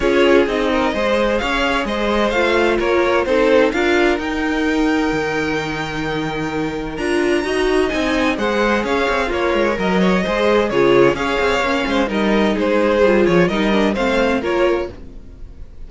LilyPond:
<<
  \new Staff \with { instrumentName = "violin" } { \time 4/4 \tempo 4 = 129 cis''4 dis''2 f''4 | dis''4 f''4 cis''4 c''4 | f''4 g''2.~ | g''2. ais''4~ |
ais''4 gis''4 fis''4 f''4 | cis''4 dis''2 cis''4 | f''2 dis''4 c''4~ | c''8 cis''8 dis''4 f''4 cis''4 | }
  \new Staff \with { instrumentName = "violin" } { \time 4/4 gis'4. ais'8 c''4 cis''4 | c''2 ais'4 a'4 | ais'1~ | ais'1 |
dis''2 c''4 cis''4 | f'4 ais'8 cis''8 c''4 gis'4 | cis''4. c''8 ais'4 gis'4~ | gis'4 ais'4 c''4 ais'4 | }
  \new Staff \with { instrumentName = "viola" } { \time 4/4 f'4 dis'4 gis'2~ | gis'4 f'2 dis'4 | f'4 dis'2.~ | dis'2. f'4 |
fis'4 dis'4 gis'2 | ais'2 gis'4 f'4 | gis'4 cis'4 dis'2 | f'4 dis'8 d'8 c'4 f'4 | }
  \new Staff \with { instrumentName = "cello" } { \time 4/4 cis'4 c'4 gis4 cis'4 | gis4 a4 ais4 c'4 | d'4 dis'2 dis4~ | dis2. d'4 |
dis'4 c'4 gis4 cis'8 c'8 | ais8 gis8 fis4 gis4 cis4 | cis'8 c'8 ais8 gis8 g4 gis4 | g8 f8 g4 a4 ais4 | }
>>